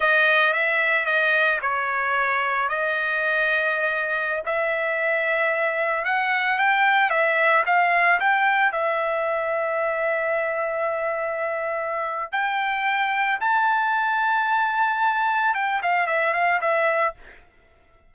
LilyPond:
\new Staff \with { instrumentName = "trumpet" } { \time 4/4 \tempo 4 = 112 dis''4 e''4 dis''4 cis''4~ | cis''4 dis''2.~ | dis''16 e''2. fis''8.~ | fis''16 g''4 e''4 f''4 g''8.~ |
g''16 e''2.~ e''8.~ | e''2. g''4~ | g''4 a''2.~ | a''4 g''8 f''8 e''8 f''8 e''4 | }